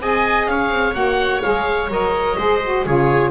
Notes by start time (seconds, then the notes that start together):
0.00 C4 G#4 D#5 G#5
0.47 C#4 C#5 F5
0.70 C4
0.94 A#3 F#4 F#5
1.42 G#3 G#4 F5
1.89 F#3 A#4 D#5
2.38 G#3 G#4 C5
2.64 F#4
2.86 C#3 F4 G#4 C#5